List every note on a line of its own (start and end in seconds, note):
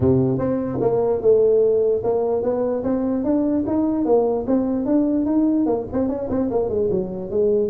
0.00 0.38 C3
0.38 0.79 C4
0.80 1.21 A#3
1.21 2.02 A3
2.03 2.42 A#3
2.42 2.83 B3
2.83 3.24 C4
3.24 3.64 D4
3.67 4.05 D#4
4.05 4.45 A#3
4.46 4.85 C4
4.85 5.25 D4
5.25 5.66 D#4
5.66 5.86 A#3
5.92 6.08 C4
6.08 6.28 C#4
6.29 6.49 C4
6.50 6.69 A#3
6.69 6.89 G#3
6.90 7.30 F#3
7.30 7.70 G#3